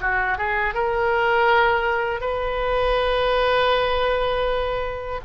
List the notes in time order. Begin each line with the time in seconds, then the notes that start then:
0.00 F#4
0.37 G#4
0.74 A#4
2.20 B4